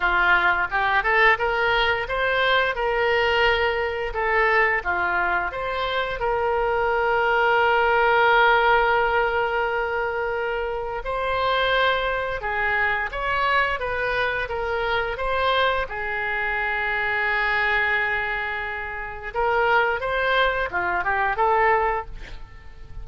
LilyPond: \new Staff \with { instrumentName = "oboe" } { \time 4/4 \tempo 4 = 87 f'4 g'8 a'8 ais'4 c''4 | ais'2 a'4 f'4 | c''4 ais'2.~ | ais'1 |
c''2 gis'4 cis''4 | b'4 ais'4 c''4 gis'4~ | gis'1 | ais'4 c''4 f'8 g'8 a'4 | }